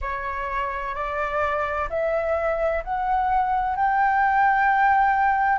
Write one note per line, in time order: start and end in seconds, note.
0.01 0.95 C#5
0.95 1.88 D5
1.89 2.83 E5
2.84 3.76 F#5
3.76 5.58 G5